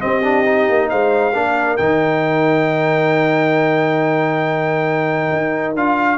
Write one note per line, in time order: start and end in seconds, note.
0.00 0.22 C4
0.00 0.70 C4
0.00 0.91 G4
0.00 0.89 D#5
0.24 0.45 D4
0.45 1.33 D#4
0.70 0.92 A#3
0.90 1.34 G#3
0.90 1.35 C5
0.90 1.77 F5
1.34 1.78 A#3
1.34 1.79 D4
1.34 6.18 A#4
1.77 5.32 D#3
1.77 5.76 D#4
1.77 5.74 G5
5.33 5.76 D#4
5.76 6.18 D4
5.76 6.18 F4
5.76 6.18 F5